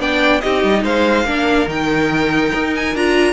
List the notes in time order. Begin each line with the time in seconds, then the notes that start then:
0.00 B3 D4 D5 G5
0.41 C4 D#4 G4 D#5
0.64 G3
0.84 G#3 C5 F5
1.25 A#3 D4 A#4
1.67 D#3 D#4 G5
2.55 D#4
2.76 G#5
2.96 D4 F4 A#5